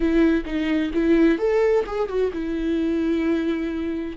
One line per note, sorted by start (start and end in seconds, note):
0.00 0.43 E4
0.45 0.91 D#4
0.93 1.38 E4
1.38 1.84 A4
1.86 2.08 G#4
2.08 2.31 F#4
2.33 4.16 E4